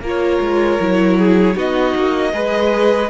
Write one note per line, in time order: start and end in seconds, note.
0.00 0.38 A#3
0.00 0.80 F4
0.00 1.18 A#4
0.08 1.58 C#5
0.40 0.79 G#3
0.80 1.55 F#3
0.80 1.54 E4
1.18 1.57 G#4
1.54 1.94 B3
1.54 2.31 D#4
1.54 2.33 F#4
1.54 3.10 D#5
1.95 2.33 A#3
2.33 3.10 G#3
2.33 3.10 G#4
2.33 3.10 B4